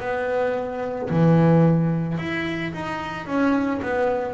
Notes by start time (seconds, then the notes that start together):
0.00 B3
1.10 E3
2.18 E4
2.73 D#4
3.26 C#4
3.82 B3